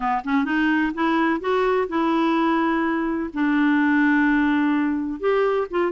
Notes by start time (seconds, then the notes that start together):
0.00 B3
0.24 C#4
0.44 D#4
0.94 E4
1.40 F#4
1.88 E4
3.33 D4
5.19 G4
5.70 F4